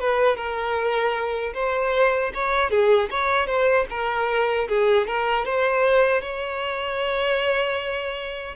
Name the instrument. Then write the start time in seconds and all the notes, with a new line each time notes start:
violin
0.00 B4
0.36 A#4
1.54 C5
2.34 C#5
2.70 G#4
3.10 C#5
3.47 C5
3.90 A#4
4.68 G#4
5.07 A#4
5.45 C5
6.21 C#5